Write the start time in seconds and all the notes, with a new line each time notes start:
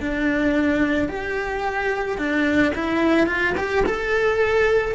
0.00 D4
1.08 G4
2.18 D4
2.75 E4
3.26 F4
3.57 G4
3.85 A4